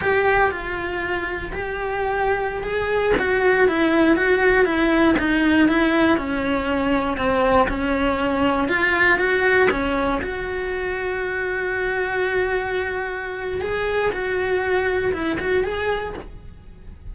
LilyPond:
\new Staff \with { instrumentName = "cello" } { \time 4/4 \tempo 4 = 119 g'4 f'2 g'4~ | g'4~ g'16 gis'4 fis'4 e'8.~ | e'16 fis'4 e'4 dis'4 e'8.~ | e'16 cis'2 c'4 cis'8.~ |
cis'4~ cis'16 f'4 fis'4 cis'8.~ | cis'16 fis'2.~ fis'8.~ | fis'2. gis'4 | fis'2 e'8 fis'8 gis'4 | }